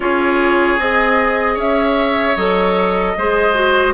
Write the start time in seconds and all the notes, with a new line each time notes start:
0.00 C#4 F4 G#4 C#5
0.78 C4 G#4 D#5
1.54 C#4 C#5 E5
2.36 F#3 A4 D#5
3.17 G#3 G#4 C5
3.54 F#4